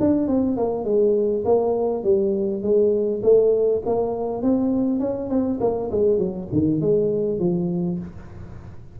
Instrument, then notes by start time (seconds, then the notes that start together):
tuba
0.00 D4
0.27 C4
0.57 A#3
0.85 G#3
1.45 A#3
2.04 G3
2.62 G#3
3.22 A3
3.85 A#3
4.42 C4
5.00 C#4
5.30 C4
5.60 A#3
5.91 G#3
6.18 F#3
6.52 D#3
6.81 G#3
7.39 F3